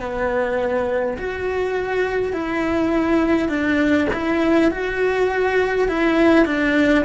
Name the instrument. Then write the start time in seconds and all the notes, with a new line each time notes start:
cello
0.00 B3
1.18 F#4
2.33 E4
3.49 D4
4.13 E4
4.71 F#4
5.88 E4
6.46 D4